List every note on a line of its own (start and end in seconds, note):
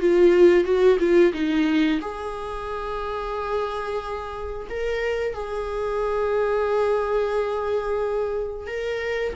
0.00 0.64 F4
0.64 0.98 F#4
0.99 1.32 F4
1.33 2.00 D#4
2.01 4.67 G#4
4.70 5.34 A#4
5.34 8.67 G#4
8.67 9.34 A#4